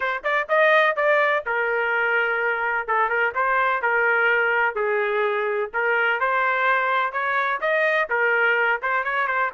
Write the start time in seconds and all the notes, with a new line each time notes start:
0.00 C5
0.23 D5
0.48 D#5
0.96 D5
1.46 A#4
2.87 A4
3.09 A#4
3.34 C5
3.81 A#4
4.75 G#4
5.73 A#4
6.20 C5
7.12 C#5
7.61 D#5
8.09 A#4
8.82 C5
9.04 C#5
9.27 C5